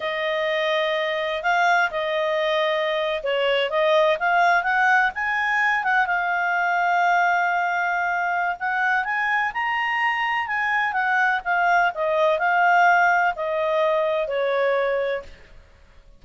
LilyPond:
\new Staff \with { instrumentName = "clarinet" } { \time 4/4 \tempo 4 = 126 dis''2. f''4 | dis''2~ dis''8. cis''4 dis''16~ | dis''8. f''4 fis''4 gis''4~ gis''16~ | gis''16 fis''8 f''2.~ f''16~ |
f''2 fis''4 gis''4 | ais''2 gis''4 fis''4 | f''4 dis''4 f''2 | dis''2 cis''2 | }